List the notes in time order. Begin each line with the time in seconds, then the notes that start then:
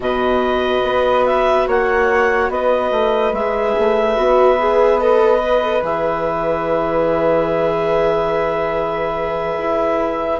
0.00 B2 F#4 B4 D#5
0.83 B3
1.26 E5
1.67 A#3 C#5 F#5
2.49 B3 B4 D#5
2.91 A3
3.32 G#3 G#4 E5
3.79 A3
4.16 B3 F#4
4.59 G#4
4.99 A4 D#5
5.39 B4
5.61 A4
5.81 E3 G#4 E5
9.57 E4